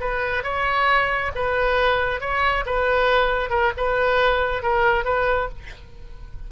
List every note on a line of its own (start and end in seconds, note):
0.00 0.43 B4
0.43 1.31 C#5
1.35 2.20 B4
2.20 2.65 C#5
2.66 3.50 B4
3.50 3.72 A#4
3.77 4.62 B4
4.62 5.04 A#4
5.04 5.48 B4